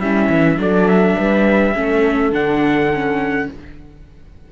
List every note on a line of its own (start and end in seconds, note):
0.00 0.29 G3
0.00 0.57 C#4
0.00 0.59 E4
0.00 0.59 E5
0.30 0.58 E3
0.57 1.16 F#3
0.57 1.74 D4
0.57 1.17 A4
0.57 0.88 D5
0.88 2.34 E5
1.17 1.76 G3
1.17 1.75 B4
1.74 2.32 A3
1.74 2.33 C#4
1.74 3.51 A4
2.32 3.48 D3
2.32 2.91 D4
2.32 3.51 F#5
2.94 3.52 C#4